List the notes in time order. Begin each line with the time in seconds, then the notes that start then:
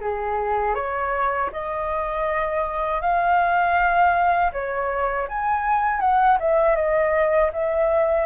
0.00 G#4
0.74 C#5
1.52 D#5
3.01 F5
4.52 C#5
5.28 G#5
6.00 F#5
6.39 E5
6.75 D#5
7.53 E5